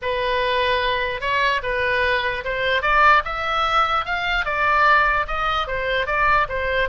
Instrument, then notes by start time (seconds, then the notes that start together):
oboe
0.01 B4
1.21 C#5
1.63 B4
2.44 C5
2.82 D5
3.24 E5
4.05 F5
4.45 D5
5.27 D#5
5.67 C5
6.06 D5
6.48 C5